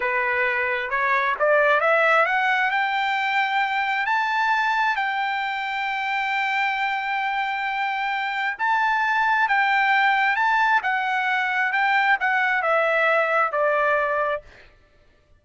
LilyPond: \new Staff \with { instrumentName = "trumpet" } { \time 4/4 \tempo 4 = 133 b'2 cis''4 d''4 | e''4 fis''4 g''2~ | g''4 a''2 g''4~ | g''1~ |
g''2. a''4~ | a''4 g''2 a''4 | fis''2 g''4 fis''4 | e''2 d''2 | }